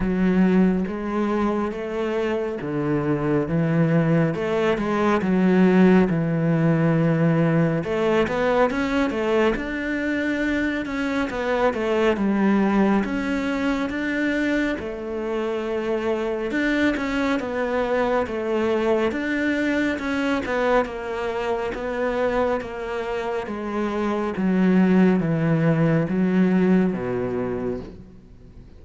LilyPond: \new Staff \with { instrumentName = "cello" } { \time 4/4 \tempo 4 = 69 fis4 gis4 a4 d4 | e4 a8 gis8 fis4 e4~ | e4 a8 b8 cis'8 a8 d'4~ | d'8 cis'8 b8 a8 g4 cis'4 |
d'4 a2 d'8 cis'8 | b4 a4 d'4 cis'8 b8 | ais4 b4 ais4 gis4 | fis4 e4 fis4 b,4 | }